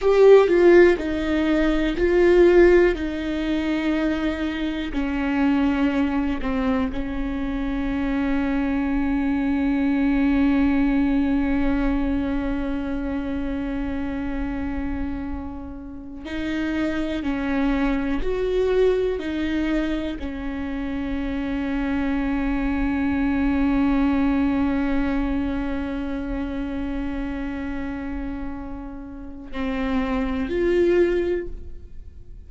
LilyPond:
\new Staff \with { instrumentName = "viola" } { \time 4/4 \tempo 4 = 61 g'8 f'8 dis'4 f'4 dis'4~ | dis'4 cis'4. c'8 cis'4~ | cis'1~ | cis'1~ |
cis'8 dis'4 cis'4 fis'4 dis'8~ | dis'8 cis'2.~ cis'8~ | cis'1~ | cis'2 c'4 f'4 | }